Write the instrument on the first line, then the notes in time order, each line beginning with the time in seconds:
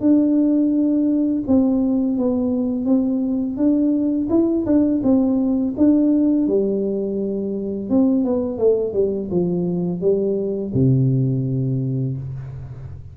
tuba
0.00 D4
1.47 C4
2.18 B3
2.85 C4
3.56 D4
4.30 E4
4.66 D4
5.03 C4
5.77 D4
6.47 G3
7.90 C4
8.24 B3
8.58 A3
8.93 G3
9.31 F3
10.01 G3
10.74 C3